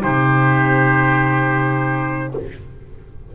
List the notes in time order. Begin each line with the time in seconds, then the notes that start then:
0.00 C3 D#4 G4 C5